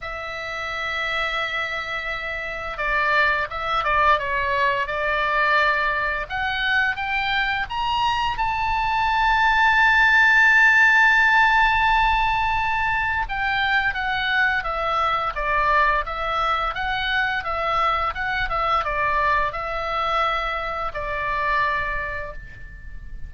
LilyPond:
\new Staff \with { instrumentName = "oboe" } { \time 4/4 \tempo 4 = 86 e''1 | d''4 e''8 d''8 cis''4 d''4~ | d''4 fis''4 g''4 ais''4 | a''1~ |
a''2. g''4 | fis''4 e''4 d''4 e''4 | fis''4 e''4 fis''8 e''8 d''4 | e''2 d''2 | }